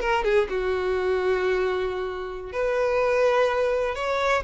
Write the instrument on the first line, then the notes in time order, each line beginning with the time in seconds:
violin
0.00 A#4
0.24 G#4
0.49 F#4
2.52 B4
3.95 C#5